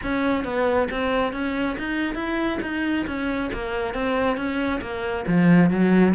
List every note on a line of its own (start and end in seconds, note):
0.03 0.44 C#4
0.44 0.88 B3
0.90 1.33 C4
1.33 1.76 C#4
1.78 2.15 D#4
2.15 2.58 E4
2.62 3.06 D#4
3.06 3.50 C#4
3.53 3.94 A#3
3.94 4.36 C4
4.36 4.80 C#4
4.81 5.25 A#3
5.27 5.70 F3
5.70 6.14 F#3